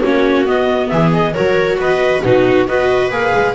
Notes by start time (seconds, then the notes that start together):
0.00 A#3 C#4 F#4 C#5
0.45 B3 D#5
0.88 E3 G#4 E5
1.12 D#5
1.33 F#3 F#4 A#4 C#5
1.77 B3 B4 D#5
2.22 B2 D#4 F#4 B4
2.67 B3 F#4 B4 D#5
3.11 A#3 G#4 F5
3.34 G#3